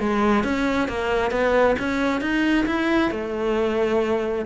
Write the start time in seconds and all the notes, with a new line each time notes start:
0.00 G#3
0.44 C#4
0.88 A#3
1.31 B3
1.79 C#4
2.21 D#4
2.66 E4
3.11 A3